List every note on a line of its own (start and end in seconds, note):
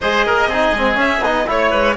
0.01 0.26 G#3
0.01 0.51 G#4
0.01 0.25 C5
0.01 0.99 D#5
0.26 0.46 A#3
0.26 0.48 A#4
0.46 0.71 C4
0.46 1.47 G#4
0.53 0.77 D#4
0.72 0.97 G#3
0.72 0.94 C4
0.94 1.19 C#4
0.94 1.21 C#4
0.94 1.23 E5
1.21 1.45 B3
1.21 1.46 D#4
1.21 1.48 D#5
1.46 1.73 A3
1.46 1.95 E4
1.46 1.96 C#5
1.46 1.70 C#5
1.70 1.96 G#3
1.70 1.95 B4